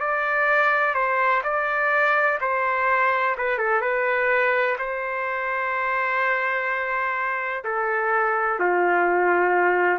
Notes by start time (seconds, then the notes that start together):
0.00 D5
0.94 C5
1.44 D5
2.41 C5
3.38 B4
3.58 A4
3.81 B4
4.78 C5
7.64 A4
8.59 F4